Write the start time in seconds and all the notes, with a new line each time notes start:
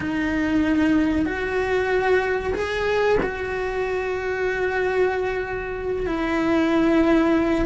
0.00 D#4
1.25 F#4
2.54 G#4
3.22 F#4
6.06 E4